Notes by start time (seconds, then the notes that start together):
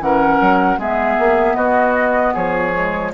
0.00 E3 C#4 A#4 F#5
0.40 F#3
0.77 G#3 B3 G#4 E5
1.19 A#3
1.55 B3 F#4 D#5
2.34 F3 G#4 C#5
2.73 G#3